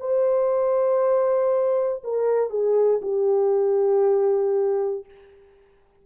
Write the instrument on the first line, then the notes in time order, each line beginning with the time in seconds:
horn
0.00 C5
2.04 A#4
2.50 G#4
3.02 G4